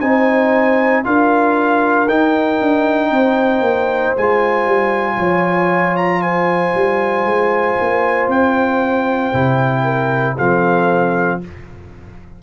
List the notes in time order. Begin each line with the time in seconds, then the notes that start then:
0.00 C4 D#4 C5 G#5
1.04 D4 F4 A#4 F5
2.08 D#4 G5
2.60 D4
3.10 C4 C5
3.60 A#3
4.17 G#3 F4 G#5
4.65 G3
5.16 F3 C#5
5.96 A#5
6.22 C5 G#5
6.74 G3
7.24 G#3
7.81 A#3
8.28 C4 G5
9.33 C3 E4
9.83 A#4
10.36 F3 C4 A4 F5